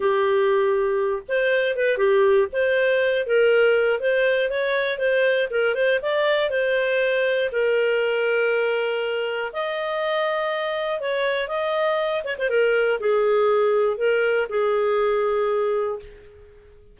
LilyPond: \new Staff \with { instrumentName = "clarinet" } { \time 4/4 \tempo 4 = 120 g'2~ g'8 c''4 b'8 | g'4 c''4. ais'4. | c''4 cis''4 c''4 ais'8 c''8 | d''4 c''2 ais'4~ |
ais'2. dis''4~ | dis''2 cis''4 dis''4~ | dis''8 cis''16 c''16 ais'4 gis'2 | ais'4 gis'2. | }